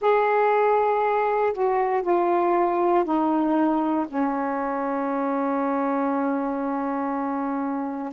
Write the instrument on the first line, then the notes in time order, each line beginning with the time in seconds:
saxophone
0.01 G#4
1.53 F#4
2.02 F4
3.04 D#4
4.08 C#4